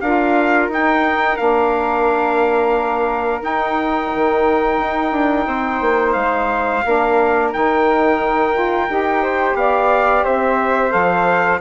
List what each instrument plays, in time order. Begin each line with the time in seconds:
0.00 bassoon D4, saxophone F4, flute A#4, trumpet F5
0.68 bassoon D#4, saxophone D#4, trumpet G5
1.37 bassoon A#3, saxophone D4, trumpet F5
3.40 saxophone D#4, bassoon D#4, trumpet G5
4.14 bassoon D#3
4.79 bassoon D#4
5.11 bassoon D4
5.46 bassoon C4, flute C5
5.81 bassoon A#3
6.12 bassoon G#3, trumpet F5
6.85 bassoon A#3, saxophone D4, flute A#4
7.52 bassoon D#3, saxophone D#4, trumpet G5
8.54 saxophone F4
8.88 bassoon D#4, saxophone G4
9.22 flute C5
9.54 bassoon B3, flute D5, trumpet F5
10.23 bassoon C4, flute C5, trumpet E5
10.90 bassoon F3, saxophone A4, trumpet F5